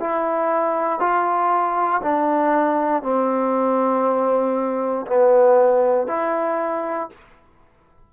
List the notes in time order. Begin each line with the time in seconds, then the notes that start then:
0.00 E4
0.99 F4
2.02 D4
3.03 C4
5.07 B3
6.07 E4